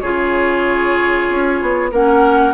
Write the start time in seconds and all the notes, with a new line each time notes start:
0.00 C#3 F4 G#4 C#5
1.29 C#4
1.61 B3
1.91 A#3 C#4 A#4 F#5